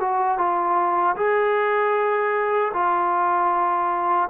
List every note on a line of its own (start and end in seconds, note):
0.00 0.38 F#4
0.38 1.16 F4
1.17 2.72 G#4
2.73 4.29 F4